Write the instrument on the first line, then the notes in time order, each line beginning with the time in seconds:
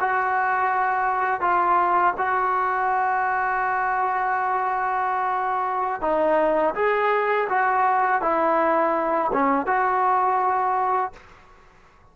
trombone
0.00 F#4
1.41 F4
2.18 F#4
6.01 D#4
6.75 G#4
7.49 F#4
8.22 E4
9.33 C#4
9.66 F#4